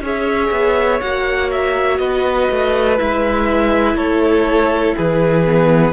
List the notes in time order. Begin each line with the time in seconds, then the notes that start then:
0.00 C#4 G#4 C#5
0.06 E5
0.50 B3
1.00 A#3 F#4 F#5
1.51 E5
1.98 B3 B4 D#5
2.50 A3
2.97 G#3 E4 E5
3.94 A3 A4 C#5
4.95 E3 G#4 B4
5.45 B3